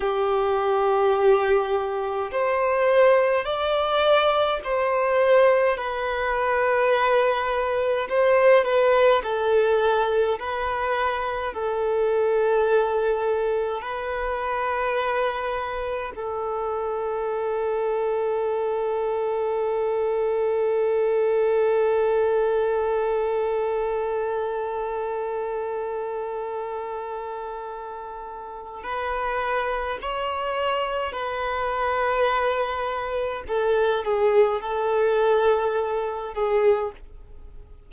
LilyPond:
\new Staff \with { instrumentName = "violin" } { \time 4/4 \tempo 4 = 52 g'2 c''4 d''4 | c''4 b'2 c''8 b'8 | a'4 b'4 a'2 | b'2 a'2~ |
a'1~ | a'1~ | a'4 b'4 cis''4 b'4~ | b'4 a'8 gis'8 a'4. gis'8 | }